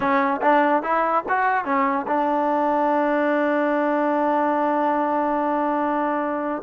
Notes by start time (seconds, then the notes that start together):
0.00 C#4
0.41 D4
0.82 E4
1.28 F#4
1.64 C#4
2.07 D4